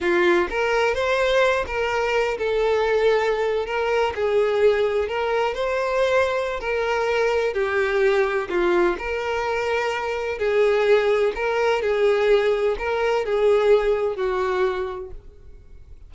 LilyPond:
\new Staff \with { instrumentName = "violin" } { \time 4/4 \tempo 4 = 127 f'4 ais'4 c''4. ais'8~ | ais'4 a'2~ a'8. ais'16~ | ais'8. gis'2 ais'4 c''16~ | c''2 ais'2 |
g'2 f'4 ais'4~ | ais'2 gis'2 | ais'4 gis'2 ais'4 | gis'2 fis'2 | }